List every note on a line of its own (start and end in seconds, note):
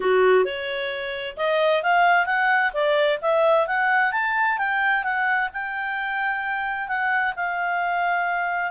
0.00 0.45 F#4
0.45 1.36 C#5
1.36 1.82 D#5
1.82 2.26 F5
2.26 2.71 F#5
2.73 3.19 D5
3.21 3.67 E5
3.67 4.12 F#5
4.12 4.57 A5
4.57 5.03 G5
5.03 5.49 F#5
5.53 6.87 G5
6.87 7.33 F#5
7.35 8.71 F5